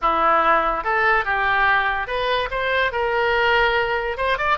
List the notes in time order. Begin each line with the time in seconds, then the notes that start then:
0.01 E4
0.84 A4
1.25 G4
2.07 B4
2.51 C5
2.92 A#4
4.17 C5
4.37 D5